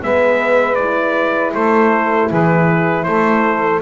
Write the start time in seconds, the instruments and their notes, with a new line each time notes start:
0.00 double bass G#3, horn B3, saxophone B4, trumpet E5
0.75 horn E4, trumpet D5
1.54 double bass A3, saxophone A4, trumpet C5
2.28 double bass E3, saxophone G#4, trumpet B4
3.04 double bass A3, saxophone A4, trumpet C5